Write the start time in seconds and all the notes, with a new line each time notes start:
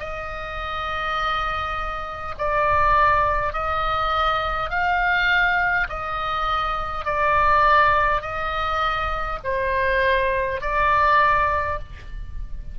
0.00 D#5
2.39 D5
3.53 D#5
4.70 F5
5.89 D#5
7.05 D5
8.21 D#5
9.44 C5
10.61 D5